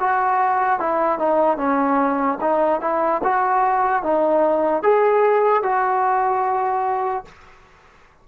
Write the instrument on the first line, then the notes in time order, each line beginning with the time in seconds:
trombone
0.00 F#4
0.80 E4
1.19 D#4
1.57 C#4
2.41 D#4
2.81 E4
3.24 F#4
4.03 D#4
4.83 G#4
5.63 F#4